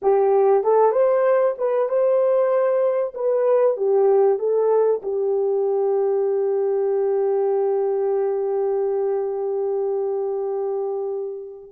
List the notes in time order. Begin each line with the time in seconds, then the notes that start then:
0.02 G4
0.63 A4
0.92 C5
1.58 B4
1.88 C5
3.14 B4
3.77 G4
4.38 A4
5.02 G4